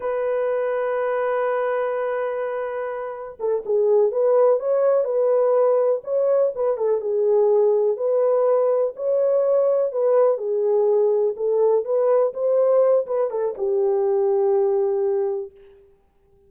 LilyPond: \new Staff \with { instrumentName = "horn" } { \time 4/4 \tempo 4 = 124 b'1~ | b'2. a'8 gis'8~ | gis'8 b'4 cis''4 b'4.~ | b'8 cis''4 b'8 a'8 gis'4.~ |
gis'8 b'2 cis''4.~ | cis''8 b'4 gis'2 a'8~ | a'8 b'4 c''4. b'8 a'8 | g'1 | }